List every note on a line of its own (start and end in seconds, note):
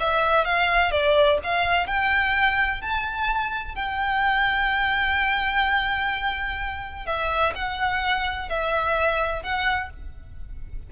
0.00 0.45 E5
0.45 0.91 F5
0.91 1.38 D5
1.44 1.87 F5
1.87 2.81 G5
2.81 3.75 A5
3.75 7.06 G5
7.06 7.53 E5
7.55 8.49 F#5
8.49 9.43 E5
9.43 9.90 F#5